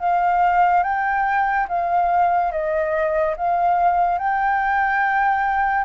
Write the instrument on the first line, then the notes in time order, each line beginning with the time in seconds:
flute
0.00 F5
0.84 G5
1.69 F5
2.52 D#5
3.37 F5
4.19 G5